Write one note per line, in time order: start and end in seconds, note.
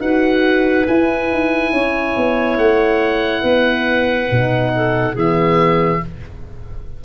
0.00 0.86 D#4
0.00 0.86 F#4
0.00 1.72 B4
0.00 0.86 F#5
0.87 1.31 E4
0.87 4.32 E4
0.87 2.58 G#5
1.31 1.72 D#4
1.72 2.15 C#4
1.72 3.42 C#5
2.16 2.57 B3
2.57 3.43 A3
2.57 5.15 F#5
3.42 4.29 B3
3.42 4.70 B4
4.31 5.15 B2
4.31 5.14 D#4
4.75 5.14 A4
5.14 6.01 E3
5.14 6.00 B3
5.14 6.00 G#4
5.14 6.04 E5